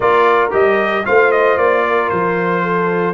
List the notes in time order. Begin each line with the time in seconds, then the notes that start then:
0.00 A#3 F4 A#4 D5
0.51 G3 G4 D#5
1.04 A3 F4 C5 F5
1.31 D#5
1.57 A#3 D5
1.84 A#4
2.09 F3 C5
2.62 A4